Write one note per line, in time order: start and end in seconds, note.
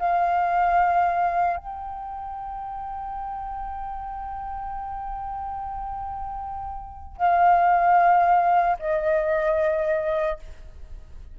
0.00 1.57 F5
1.57 7.17 G5
7.17 8.77 F5
8.80 10.40 D#5